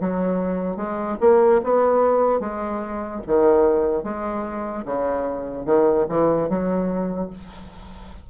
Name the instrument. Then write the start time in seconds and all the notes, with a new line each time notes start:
bassoon
0.00 F#3
0.76 G#3
1.20 A#3
1.63 B3
2.40 G#3
3.27 D#3
4.03 G#3
4.85 C#3
5.65 D#3
6.08 E3
6.49 F#3